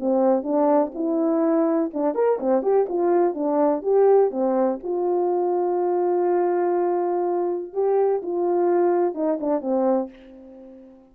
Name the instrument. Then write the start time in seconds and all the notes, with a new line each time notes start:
horn
0.00 C4
0.44 D4
0.95 E4
1.94 D4
2.15 A#4
2.40 C4
2.63 G4
2.89 F4
3.35 D4
3.83 G4
4.32 C4
4.83 F4
7.74 G4
8.23 F4
9.15 D#4
9.41 D4
9.62 C4